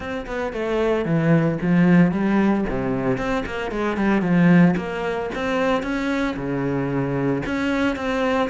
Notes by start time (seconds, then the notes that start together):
0.00 C4
0.26 B3
0.52 A3
1.05 E3
1.61 F3
2.11 G3
2.69 C3
3.17 C4
3.46 A#3
3.71 G#3
3.97 G3
4.21 F3
4.76 A#3
5.35 C4
5.82 C#4
6.36 C#3
7.46 C#4
7.96 C4